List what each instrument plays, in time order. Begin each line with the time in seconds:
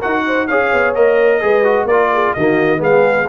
0.00 tuba D#4, trombone F#4, horn A#4, trumpet F#5
0.27 horn C5
0.48 tuba C#4, trombone G#4, horn C#5, trumpet F5
0.74 tuba B3
0.95 tuba A#3, trombone A#4, trumpet D#5
1.41 tuba G#3, trombone G#4, horn B4
1.65 trombone F#4
1.85 tuba A#3, horn A#4, trumpet D5
1.91 trombone F4
2.14 horn G#4
2.34 tuba D#3, trombone A#3, horn F#4, trumpet D#5
2.78 tuba G#3, trombone B3, horn G#4, trumpet F5